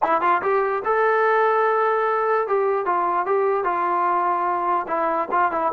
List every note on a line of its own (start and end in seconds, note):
0.02 0.21 E4
0.21 0.41 F4
0.42 0.83 G4
0.85 2.47 A4
2.47 2.85 G4
2.85 3.25 F4
3.25 3.63 G4
3.63 4.86 F4
4.87 5.28 E4
5.31 5.51 F4
5.51 5.72 E4